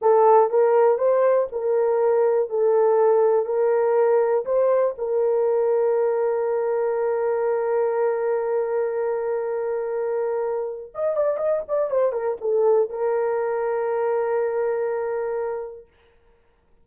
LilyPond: \new Staff \with { instrumentName = "horn" } { \time 4/4 \tempo 4 = 121 a'4 ais'4 c''4 ais'4~ | ais'4 a'2 ais'4~ | ais'4 c''4 ais'2~ | ais'1~ |
ais'1~ | ais'2 dis''8 d''8 dis''8 d''8 | c''8 ais'8 a'4 ais'2~ | ais'1 | }